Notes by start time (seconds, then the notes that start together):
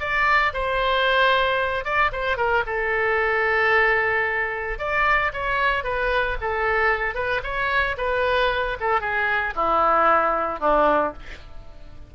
0.00 D5
0.54 C5
1.85 D5
2.12 C5
2.37 A#4
2.66 A4
4.79 D5
5.33 C#5
5.84 B4
6.41 A4
7.15 B4
7.44 C#5
7.98 B4
8.80 A4
9.01 G#4
9.56 E4
10.60 D4